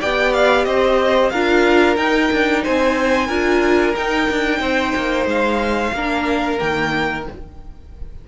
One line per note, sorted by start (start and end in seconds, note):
0.00 0.65 B3
0.00 1.32 G4
0.00 0.66 D5
0.00 0.33 G5
0.33 0.64 F5
0.64 1.31 C4
0.64 1.31 C5
0.64 1.30 D#5
1.30 1.97 D4
1.30 1.97 F4
1.30 2.63 A#4
1.30 1.96 F5
1.96 2.30 D#4
1.96 3.28 D#4
1.96 2.62 G5
2.32 2.65 D4
2.63 3.28 C4
2.63 3.27 C5
2.63 3.95 G#5
3.27 3.94 D4
3.27 3.95 F4
3.27 4.59 A#4
3.95 5.94 D#4
3.95 4.29 D#4
3.95 5.27 G5
4.30 4.60 D4
4.60 4.93 C4
4.60 5.94 C5
4.96 5.26 A#3
5.26 5.92 G#3
5.26 6.59 F5
5.92 6.58 A#3
5.92 6.58 D4
5.92 7.28 A#4
6.58 7.27 D#3
6.58 7.24 A#3
6.58 7.25 G5